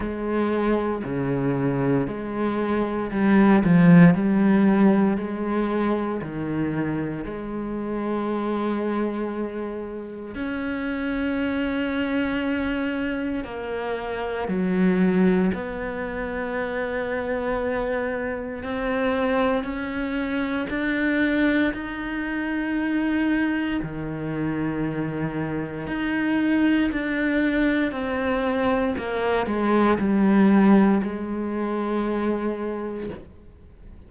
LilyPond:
\new Staff \with { instrumentName = "cello" } { \time 4/4 \tempo 4 = 58 gis4 cis4 gis4 g8 f8 | g4 gis4 dis4 gis4~ | gis2 cis'2~ | cis'4 ais4 fis4 b4~ |
b2 c'4 cis'4 | d'4 dis'2 dis4~ | dis4 dis'4 d'4 c'4 | ais8 gis8 g4 gis2 | }